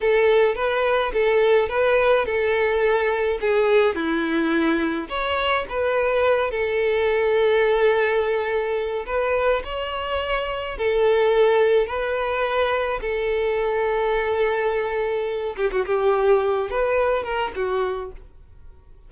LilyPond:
\new Staff \with { instrumentName = "violin" } { \time 4/4 \tempo 4 = 106 a'4 b'4 a'4 b'4 | a'2 gis'4 e'4~ | e'4 cis''4 b'4. a'8~ | a'1 |
b'4 cis''2 a'4~ | a'4 b'2 a'4~ | a'2.~ a'8 g'16 fis'16 | g'4. b'4 ais'8 fis'4 | }